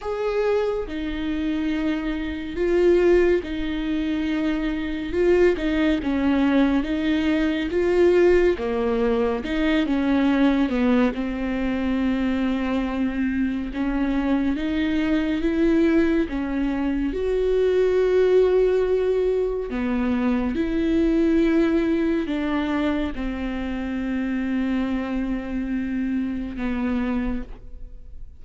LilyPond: \new Staff \with { instrumentName = "viola" } { \time 4/4 \tempo 4 = 70 gis'4 dis'2 f'4 | dis'2 f'8 dis'8 cis'4 | dis'4 f'4 ais4 dis'8 cis'8~ | cis'8 b8 c'2. |
cis'4 dis'4 e'4 cis'4 | fis'2. b4 | e'2 d'4 c'4~ | c'2. b4 | }